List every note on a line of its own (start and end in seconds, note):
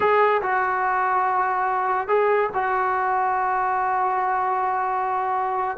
0.00 0.41 G#4
0.42 2.08 F#4
2.08 2.50 G#4
2.53 5.77 F#4